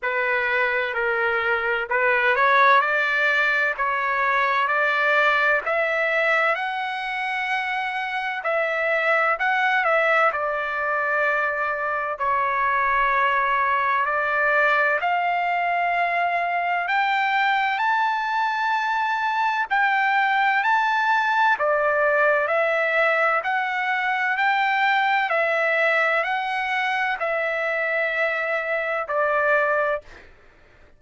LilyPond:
\new Staff \with { instrumentName = "trumpet" } { \time 4/4 \tempo 4 = 64 b'4 ais'4 b'8 cis''8 d''4 | cis''4 d''4 e''4 fis''4~ | fis''4 e''4 fis''8 e''8 d''4~ | d''4 cis''2 d''4 |
f''2 g''4 a''4~ | a''4 g''4 a''4 d''4 | e''4 fis''4 g''4 e''4 | fis''4 e''2 d''4 | }